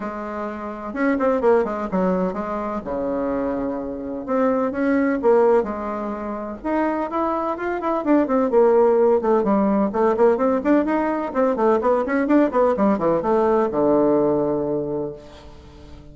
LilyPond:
\new Staff \with { instrumentName = "bassoon" } { \time 4/4 \tempo 4 = 127 gis2 cis'8 c'8 ais8 gis8 | fis4 gis4 cis2~ | cis4 c'4 cis'4 ais4 | gis2 dis'4 e'4 |
f'8 e'8 d'8 c'8 ais4. a8 | g4 a8 ais8 c'8 d'8 dis'4 | c'8 a8 b8 cis'8 d'8 b8 g8 e8 | a4 d2. | }